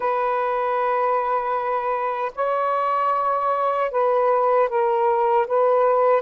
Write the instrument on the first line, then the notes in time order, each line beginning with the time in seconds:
saxophone
0.00 B4
2.35 C#5
3.91 B4
4.68 A#4
5.47 B4